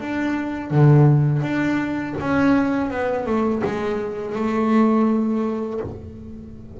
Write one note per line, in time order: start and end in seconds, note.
0.00 0.70 D4
0.70 1.42 D3
1.42 2.14 D4
2.19 2.90 C#4
2.90 3.26 B3
3.26 3.62 A3
3.64 4.35 G#3
4.35 5.80 A3